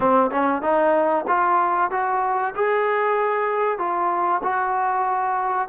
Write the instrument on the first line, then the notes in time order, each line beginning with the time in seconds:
trombone
0.00 C4
0.30 C#4
0.62 D#4
1.27 F4
1.90 F#4
2.55 G#4
3.78 F4
4.43 F#4